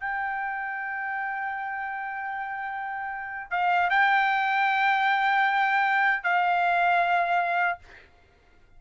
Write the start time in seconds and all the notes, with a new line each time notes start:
0.00 G5
3.50 F5
3.89 G5
6.23 F5